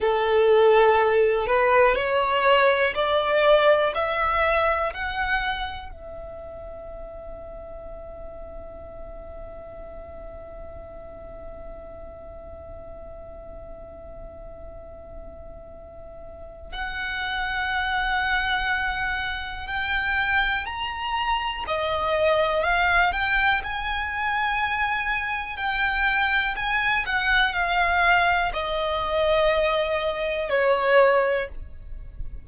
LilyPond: \new Staff \with { instrumentName = "violin" } { \time 4/4 \tempo 4 = 61 a'4. b'8 cis''4 d''4 | e''4 fis''4 e''2~ | e''1~ | e''1~ |
e''4 fis''2. | g''4 ais''4 dis''4 f''8 g''8 | gis''2 g''4 gis''8 fis''8 | f''4 dis''2 cis''4 | }